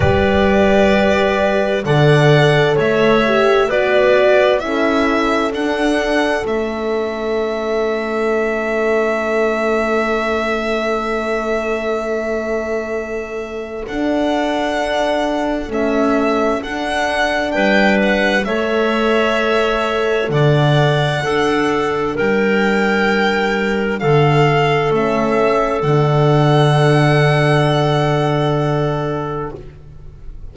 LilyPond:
<<
  \new Staff \with { instrumentName = "violin" } { \time 4/4 \tempo 4 = 65 d''2 fis''4 e''4 | d''4 e''4 fis''4 e''4~ | e''1~ | e''2. fis''4~ |
fis''4 e''4 fis''4 g''8 fis''8 | e''2 fis''2 | g''2 f''4 e''4 | fis''1 | }
  \new Staff \with { instrumentName = "clarinet" } { \time 4/4 b'2 d''4 cis''4 | b'4 a'2.~ | a'1~ | a'1~ |
a'2. b'4 | cis''2 d''4 a'4 | ais'2 a'2~ | a'1 | }
  \new Staff \with { instrumentName = "horn" } { \time 4/4 g'2 a'4. g'8 | fis'4 e'4 d'4 cis'4~ | cis'1~ | cis'2. d'4~ |
d'4 a4 d'2 | a'2. d'4~ | d'2. cis'4 | d'1 | }
  \new Staff \with { instrumentName = "double bass" } { \time 4/4 g2 d4 a4 | b4 cis'4 d'4 a4~ | a1~ | a2. d'4~ |
d'4 cis'4 d'4 g4 | a2 d4 d'4 | g2 d4 a4 | d1 | }
>>